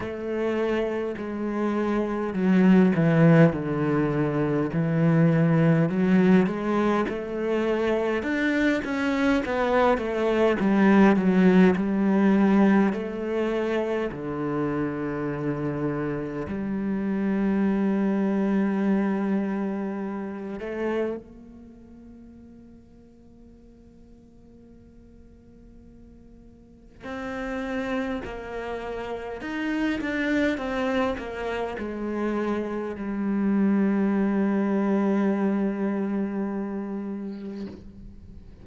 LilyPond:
\new Staff \with { instrumentName = "cello" } { \time 4/4 \tempo 4 = 51 a4 gis4 fis8 e8 d4 | e4 fis8 gis8 a4 d'8 cis'8 | b8 a8 g8 fis8 g4 a4 | d2 g2~ |
g4. a8 ais2~ | ais2. c'4 | ais4 dis'8 d'8 c'8 ais8 gis4 | g1 | }